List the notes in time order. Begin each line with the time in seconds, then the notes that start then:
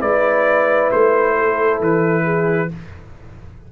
0.00 G#3 E4 B4 D5
0.91 A3 C5
1.37 A4
1.80 E3 B4
2.24 G#4